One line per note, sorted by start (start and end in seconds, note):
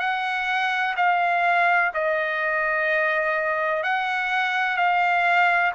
0.00 0.95 F#5
0.97 1.92 F5
1.94 3.84 D#5
3.84 4.77 F#5
4.77 5.72 F5